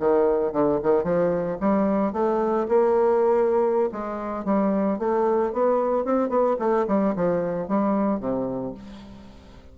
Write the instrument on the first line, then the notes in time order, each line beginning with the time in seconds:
bassoon
0.00 D#3
0.53 D3
0.83 D#3
1.04 F3
1.61 G3
2.13 A3
2.69 A#3
3.93 G#3
4.45 G3
5.00 A3
5.53 B3
6.05 C4
6.30 B3
6.59 A3
6.88 G3
7.16 F3
7.69 G3
8.20 C3